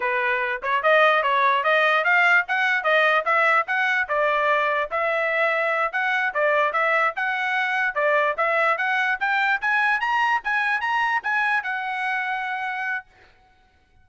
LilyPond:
\new Staff \with { instrumentName = "trumpet" } { \time 4/4 \tempo 4 = 147 b'4. cis''8 dis''4 cis''4 | dis''4 f''4 fis''4 dis''4 | e''4 fis''4 d''2 | e''2~ e''8 fis''4 d''8~ |
d''8 e''4 fis''2 d''8~ | d''8 e''4 fis''4 g''4 gis''8~ | gis''8 ais''4 gis''4 ais''4 gis''8~ | gis''8 fis''2.~ fis''8 | }